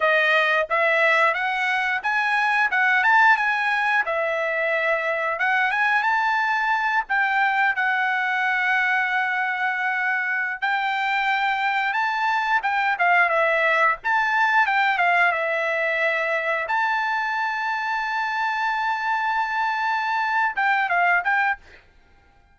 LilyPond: \new Staff \with { instrumentName = "trumpet" } { \time 4/4 \tempo 4 = 89 dis''4 e''4 fis''4 gis''4 | fis''8 a''8 gis''4 e''2 | fis''8 gis''8 a''4. g''4 fis''8~ | fis''2.~ fis''8. g''16~ |
g''4.~ g''16 a''4 g''8 f''8 e''16~ | e''8. a''4 g''8 f''8 e''4~ e''16~ | e''8. a''2.~ a''16~ | a''2~ a''8 g''8 f''8 g''8 | }